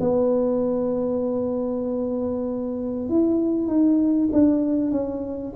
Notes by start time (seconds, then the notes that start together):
0.00 B3
3.09 E4
3.67 D#4
4.32 D4
4.91 C#4